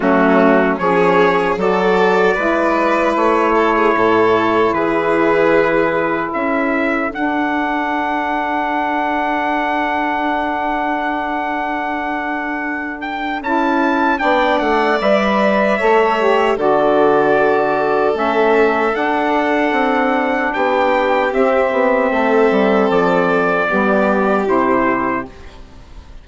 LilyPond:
<<
  \new Staff \with { instrumentName = "trumpet" } { \time 4/4 \tempo 4 = 76 fis'4 cis''4 d''2 | cis''2 b'2 | e''4 fis''2.~ | fis''1~ |
fis''8 g''8 a''4 g''8 fis''8 e''4~ | e''4 d''2 e''4 | fis''2 g''4 e''4~ | e''4 d''2 c''4 | }
  \new Staff \with { instrumentName = "violin" } { \time 4/4 cis'4 gis'4 a'4 b'4~ | b'8 a'16 gis'16 a'4 gis'2 | a'1~ | a'1~ |
a'2 d''2 | cis''4 a'2.~ | a'2 g'2 | a'2 g'2 | }
  \new Staff \with { instrumentName = "saxophone" } { \time 4/4 a4 cis'4 fis'4 e'4~ | e'1~ | e'4 d'2.~ | d'1~ |
d'4 e'4 d'4 b'4 | a'8 g'8 fis'2 cis'4 | d'2. c'4~ | c'2 b4 e'4 | }
  \new Staff \with { instrumentName = "bassoon" } { \time 4/4 fis4 f4 fis4 gis4 | a4 a,4 e2 | cis'4 d'2.~ | d'1~ |
d'4 cis'4 b8 a8 g4 | a4 d2 a4 | d'4 c'4 b4 c'8 b8 | a8 g8 f4 g4 c4 | }
>>